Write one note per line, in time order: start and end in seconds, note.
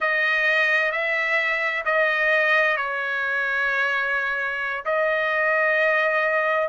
0.00 0.91 D#5
0.91 1.83 E5
1.85 2.77 D#5
2.77 4.84 C#5
4.85 6.68 D#5